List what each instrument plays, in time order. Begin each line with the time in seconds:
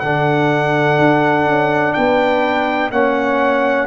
0.00 tuba D3, trombone D4, horn A4, trumpet F#5
0.99 tuba D4
1.47 tuba C#4
1.94 tuba B3, horn B4, trumpet G5
2.91 tuba A#3, trombone C#4, horn C#5, trumpet F#5